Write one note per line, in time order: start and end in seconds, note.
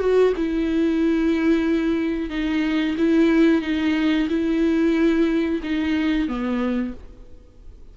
0.00 0.33 F#4
0.37 2.30 E4
2.30 2.96 D#4
2.98 3.62 E4
3.62 4.28 D#4
4.29 5.61 E4
5.63 6.28 D#4
6.28 6.94 B3